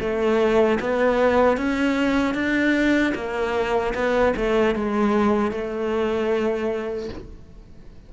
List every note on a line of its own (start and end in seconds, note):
0.00 0.79 A3
0.80 1.57 B3
1.57 2.34 C#4
2.34 3.13 D4
3.14 3.93 A#3
3.94 4.33 B3
4.36 4.75 A3
4.75 5.51 G#3
5.51 7.09 A3